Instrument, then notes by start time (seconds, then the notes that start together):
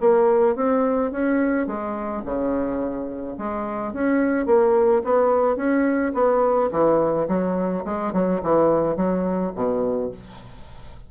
bassoon
0.00 A#3
0.55 C4
1.11 C#4
1.66 G#3
2.25 C#3
3.38 G#3
3.93 C#4
4.46 A#3
5.04 B3
5.56 C#4
6.14 B3
6.71 E3
7.28 F#3
7.85 G#3
8.13 F#3
8.42 E3
8.96 F#3
9.55 B2